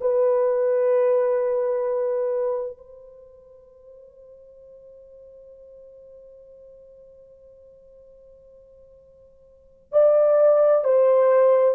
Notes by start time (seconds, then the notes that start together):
0.00 B4
2.77 C5
9.91 D5
10.84 C5